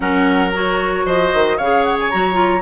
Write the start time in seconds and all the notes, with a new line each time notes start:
0.00 F#3 C#4 A#4 F#5
0.53 F#4 C#5
1.05 F3 C5 D#5
1.33 D#3
1.57 C#3 G#4 C#5 F5
1.83 F#5
1.99 G#5
2.10 F#3 F#4 A#5
2.33 F4